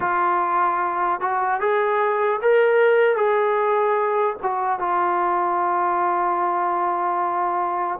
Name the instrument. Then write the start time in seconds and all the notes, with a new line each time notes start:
trombone
0.00 F4
1.20 F#4
1.60 G#4
2.41 A#4
3.16 G#4
4.42 F#4
4.79 F4